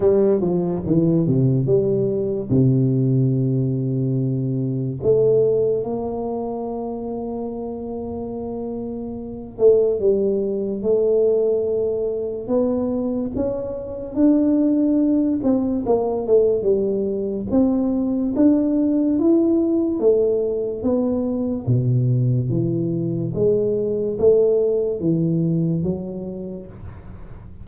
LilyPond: \new Staff \with { instrumentName = "tuba" } { \time 4/4 \tempo 4 = 72 g8 f8 e8 c8 g4 c4~ | c2 a4 ais4~ | ais2.~ ais8 a8 | g4 a2 b4 |
cis'4 d'4. c'8 ais8 a8 | g4 c'4 d'4 e'4 | a4 b4 b,4 e4 | gis4 a4 e4 fis4 | }